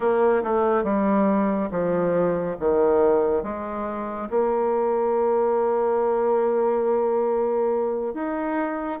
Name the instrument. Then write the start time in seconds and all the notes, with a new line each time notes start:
bassoon
0.00 A#3
0.43 A3
0.83 G3
1.70 F3
2.59 D#3
3.43 G#3
4.30 A#3
8.14 D#4